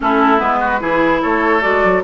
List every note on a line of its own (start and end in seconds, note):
0.00 0.41 A3
0.00 0.38 C#4
0.00 0.59 E4
0.00 0.39 A4
0.38 0.81 G#3
0.38 0.78 B3
0.38 1.21 B4
0.59 0.80 F#4
0.80 1.21 E3
0.80 1.61 E4
0.80 1.21 G#4
1.21 1.65 A3
1.21 2.03 A4
1.21 1.61 C#5
1.61 1.83 G#3
1.61 2.02 F#4
1.61 2.02 D5
1.83 2.03 F#3